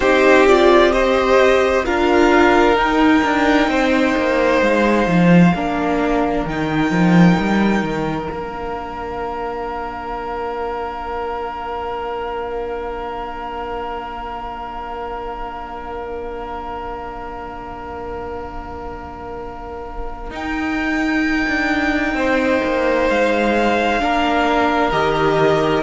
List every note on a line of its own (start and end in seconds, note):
0.00 1.83 C4
0.00 0.47 D#4
0.00 0.91 G4
0.00 0.46 C5
0.47 0.92 F4
0.47 0.92 D5
0.92 1.84 G4
0.92 1.85 C5
0.92 1.85 D#5
1.85 2.76 D4
1.85 2.75 F4
1.85 3.69 A#4
1.85 2.78 F5
2.75 5.52 D#4
2.75 3.22 D#4
2.75 4.62 G5
3.23 3.67 D4
3.67 4.13 C4
3.67 5.54 C5
4.17 4.61 A#3
4.61 5.06 G#3
4.61 6.47 F5
5.06 5.52 F3
5.54 6.44 A#3
5.54 6.47 D4
5.54 22.16 A#4
6.44 6.91 D#3
6.44 8.33 D#4
6.44 8.29 G5
6.91 7.37 F3
7.39 7.82 G3
7.82 8.28 D#3
8.29 20.30 A#3
8.29 20.30 D4
8.29 20.29 F5
20.30 21.45 D#4
20.30 23.99 D#4
20.30 23.09 G5
21.47 22.13 D4
22.13 22.59 C4
22.13 24.00 C5
22.64 23.09 A#3
23.09 24.01 G#3
23.09 24.91 F5
23.99 24.92 A#3
23.99 24.91 D4
23.99 25.83 A#4
24.91 25.83 D#3
24.91 25.83 G4
24.91 25.83 D#5